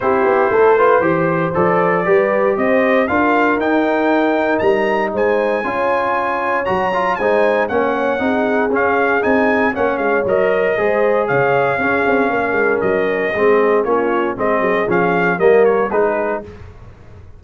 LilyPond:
<<
  \new Staff \with { instrumentName = "trumpet" } { \time 4/4 \tempo 4 = 117 c''2. d''4~ | d''4 dis''4 f''4 g''4~ | g''4 ais''4 gis''2~ | gis''4 ais''4 gis''4 fis''4~ |
fis''4 f''4 gis''4 fis''8 f''8 | dis''2 f''2~ | f''4 dis''2 cis''4 | dis''4 f''4 dis''8 cis''8 b'4 | }
  \new Staff \with { instrumentName = "horn" } { \time 4/4 g'4 a'8 b'8 c''2 | b'4 c''4 ais'2~ | ais'2 c''4 cis''4~ | cis''2 c''4 cis''4 |
gis'2. cis''4~ | cis''4 c''4 cis''4 gis'4 | ais'2 gis'4 f'4 | gis'2 ais'4 gis'4 | }
  \new Staff \with { instrumentName = "trombone" } { \time 4/4 e'4. f'8 g'4 a'4 | g'2 f'4 dis'4~ | dis'2. f'4~ | f'4 fis'8 f'8 dis'4 cis'4 |
dis'4 cis'4 dis'4 cis'4 | ais'4 gis'2 cis'4~ | cis'2 c'4 cis'4 | c'4 cis'4 ais4 dis'4 | }
  \new Staff \with { instrumentName = "tuba" } { \time 4/4 c'8 b8 a4 e4 f4 | g4 c'4 d'4 dis'4~ | dis'4 g4 gis4 cis'4~ | cis'4 fis4 gis4 ais4 |
c'4 cis'4 c'4 ais8 gis8 | fis4 gis4 cis4 cis'8 c'8 | ais8 gis8 fis4 gis4 ais4 | gis8 fis8 f4 g4 gis4 | }
>>